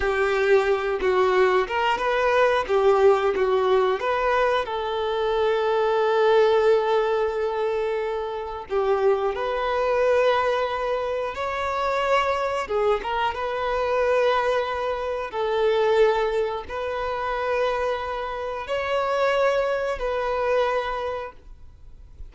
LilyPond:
\new Staff \with { instrumentName = "violin" } { \time 4/4 \tempo 4 = 90 g'4. fis'4 ais'8 b'4 | g'4 fis'4 b'4 a'4~ | a'1~ | a'4 g'4 b'2~ |
b'4 cis''2 gis'8 ais'8 | b'2. a'4~ | a'4 b'2. | cis''2 b'2 | }